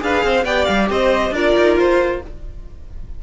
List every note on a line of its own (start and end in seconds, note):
0.00 0.24 D4
0.00 0.44 G#4
0.00 0.26 B4
0.00 0.45 F5
0.24 0.45 C4
0.24 0.45 C5
0.45 0.67 B3
0.45 1.35 G4
0.45 0.89 D5
0.45 0.65 G5
0.65 0.90 G3
0.65 0.87 F5
0.90 1.31 C4
0.90 1.34 C5
0.90 1.34 D#5
1.31 1.53 D4
1.31 2.23 F4
1.31 2.23 A#4
1.31 1.78 D5
1.56 1.77 D#4
1.77 2.21 F4
1.77 2.23 C5